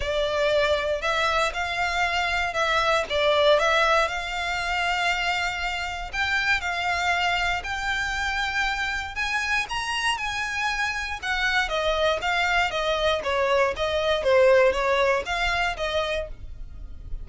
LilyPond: \new Staff \with { instrumentName = "violin" } { \time 4/4 \tempo 4 = 118 d''2 e''4 f''4~ | f''4 e''4 d''4 e''4 | f''1 | g''4 f''2 g''4~ |
g''2 gis''4 ais''4 | gis''2 fis''4 dis''4 | f''4 dis''4 cis''4 dis''4 | c''4 cis''4 f''4 dis''4 | }